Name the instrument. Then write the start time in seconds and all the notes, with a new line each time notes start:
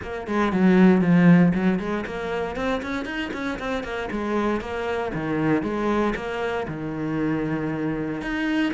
cello
0.02 A#3
0.27 G#3
0.52 F#3
1.01 F3
1.54 F#3
1.79 G#3
2.06 A#3
2.56 C4
2.82 C#4
3.05 D#4
3.33 C#4
3.59 C4
3.83 A#3
4.11 G#3
4.60 A#3
5.14 D#3
5.62 G#3
6.15 A#3
6.67 D#3
8.21 D#4